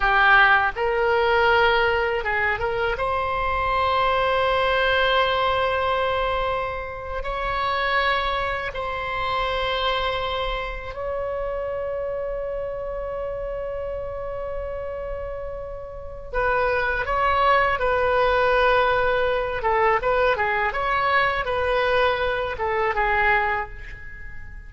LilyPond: \new Staff \with { instrumentName = "oboe" } { \time 4/4 \tempo 4 = 81 g'4 ais'2 gis'8 ais'8 | c''1~ | c''4.~ c''16 cis''2 c''16~ | c''2~ c''8. cis''4~ cis''16~ |
cis''1~ | cis''2 b'4 cis''4 | b'2~ b'8 a'8 b'8 gis'8 | cis''4 b'4. a'8 gis'4 | }